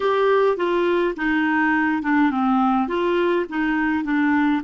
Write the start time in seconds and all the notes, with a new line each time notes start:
0.00 G4
0.56 F4
1.16 D#4
2.02 D4
2.31 C4
2.88 F4
3.49 D#4
4.04 D4